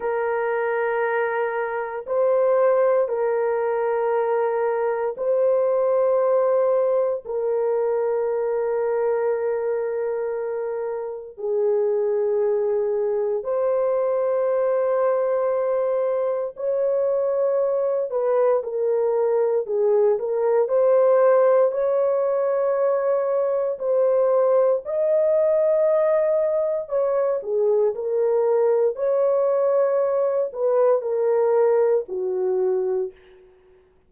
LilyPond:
\new Staff \with { instrumentName = "horn" } { \time 4/4 \tempo 4 = 58 ais'2 c''4 ais'4~ | ais'4 c''2 ais'4~ | ais'2. gis'4~ | gis'4 c''2. |
cis''4. b'8 ais'4 gis'8 ais'8 | c''4 cis''2 c''4 | dis''2 cis''8 gis'8 ais'4 | cis''4. b'8 ais'4 fis'4 | }